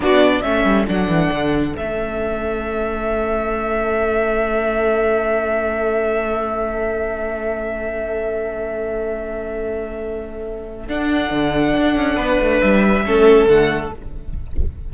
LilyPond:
<<
  \new Staff \with { instrumentName = "violin" } { \time 4/4 \tempo 4 = 138 d''4 e''4 fis''2 | e''1~ | e''1~ | e''1~ |
e''1~ | e''1~ | e''4 fis''2.~ | fis''4 e''2 fis''4 | }
  \new Staff \with { instrumentName = "violin" } { \time 4/4 fis'4 a'2.~ | a'1~ | a'1~ | a'1~ |
a'1~ | a'1~ | a'1 | b'2 a'2 | }
  \new Staff \with { instrumentName = "viola" } { \time 4/4 d'4 cis'4 d'2 | cis'1~ | cis'1~ | cis'1~ |
cis'1~ | cis'1~ | cis'4 d'2.~ | d'2 cis'4 a4 | }
  \new Staff \with { instrumentName = "cello" } { \time 4/4 b4 a8 g8 fis8 e8 d4 | a1~ | a1~ | a1~ |
a1~ | a1~ | a4 d'4 d4 d'8 cis'8 | b8 a8 g4 a4 d4 | }
>>